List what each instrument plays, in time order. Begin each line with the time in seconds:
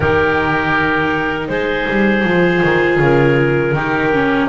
0.00 double bass D#3, viola D#4, oboe G4, clarinet A#4
1.48 double bass G#3, oboe G#4, clarinet C5
1.88 double bass G3
2.23 double bass F3, viola F4
2.63 double bass D#3
2.99 double bass C#3, clarinet A#4
3.72 double bass D#3, viola D#4, oboe G4
4.13 viola C#4